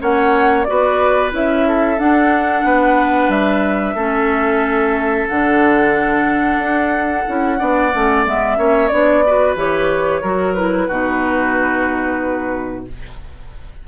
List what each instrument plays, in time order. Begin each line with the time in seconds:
0.00 bassoon A#3, clarinet C#4, oboe C#5, flute F#5
0.65 clarinet F#4, oboe B4, flute D5
0.71 bassoon B3
1.31 bassoon C#4, clarinet E4, flute E5
1.68 oboe A4
1.99 bassoon D4, clarinet D4, flute F#5
2.64 bassoon B3, oboe B4
3.29 bassoon G3, flute E5
3.95 bassoon A3, clarinet C#4, oboe A4
5.29 bassoon D3, clarinet D4, flute F#5
6.59 bassoon D4
7.28 bassoon C#4, clarinet E4
7.58 bassoon B3, clarinet D4, oboe D5
7.94 bassoon A3, clarinet C#4
8.26 bassoon G#3, clarinet B3, flute E5
8.57 bassoon A#3, clarinet C#4, oboe C#5
8.88 bassoon B3, clarinet D4, flute D5
9.27 clarinet F#4, oboe B4
9.56 bassoon E3, clarinet G4, flute C#5
10.22 bassoon F#3, clarinet F#4, oboe A#4
10.54 clarinet E4, flute B4
10.88 bassoon B2, clarinet D#4, oboe F#4